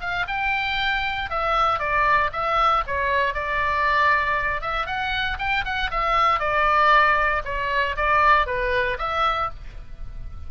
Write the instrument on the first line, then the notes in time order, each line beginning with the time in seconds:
oboe
0.00 F5
0.27 G5
1.30 E5
1.79 D5
2.32 E5
2.86 C#5
3.34 D5
4.61 E5
4.86 F#5
5.39 G5
5.65 F#5
5.90 E5
6.39 D5
7.44 C#5
7.96 D5
8.46 B4
8.98 E5